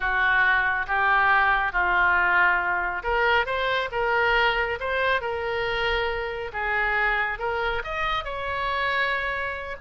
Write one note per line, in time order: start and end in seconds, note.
0.00 0.86 F#4
0.87 1.72 G4
1.72 3.02 F4
3.03 3.45 A#4
3.45 3.89 C5
3.91 4.78 A#4
4.79 5.21 C5
5.21 6.51 A#4
6.53 7.38 G#4
7.38 7.82 A#4
7.84 8.24 D#5
8.24 9.76 C#5